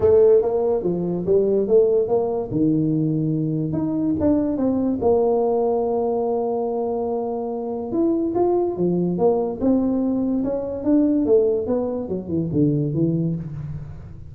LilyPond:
\new Staff \with { instrumentName = "tuba" } { \time 4/4 \tempo 4 = 144 a4 ais4 f4 g4 | a4 ais4 dis2~ | dis4 dis'4 d'4 c'4 | ais1~ |
ais2. e'4 | f'4 f4 ais4 c'4~ | c'4 cis'4 d'4 a4 | b4 fis8 e8 d4 e4 | }